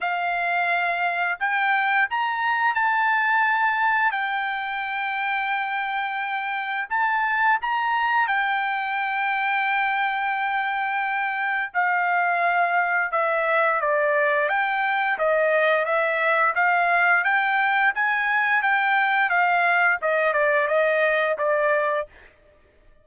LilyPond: \new Staff \with { instrumentName = "trumpet" } { \time 4/4 \tempo 4 = 87 f''2 g''4 ais''4 | a''2 g''2~ | g''2 a''4 ais''4 | g''1~ |
g''4 f''2 e''4 | d''4 g''4 dis''4 e''4 | f''4 g''4 gis''4 g''4 | f''4 dis''8 d''8 dis''4 d''4 | }